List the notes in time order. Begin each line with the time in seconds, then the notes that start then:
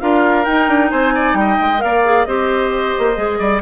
0.00 D4 F4 A#4 F5
0.45 D#4 G5
0.68 D4
0.91 C4 C5 G#5
1.14 D5
1.34 G3 G5
1.40 D#5
1.61 G#3
1.78 A#3 A#4 D5 F5
2.04 G#4
2.25 C4 G4 C5 D#5
2.98 A#3
3.15 G#3 G#4
3.39 G3 D5